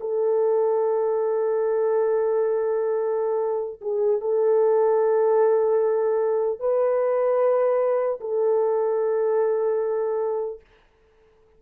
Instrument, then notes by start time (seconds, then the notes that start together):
horn
0.00 A4
3.81 G#4
4.20 A4
6.59 B4
8.20 A4